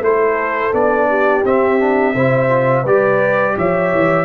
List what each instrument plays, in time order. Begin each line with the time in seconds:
0.00 tuba A3, trombone E4, horn A4, trumpet C5
0.73 tuba B3, trombone D4, trumpet D5
1.09 horn G4
1.45 trombone C4, tuba C4, trumpet E5
1.79 trombone D4
2.14 tuba C3, trombone E4, horn C5
2.49 trombone F4
2.82 tuba G3, trombone G4, horn B4, trumpet D5
3.57 tuba F3, horn C#5, trumpet E5
3.94 tuba E3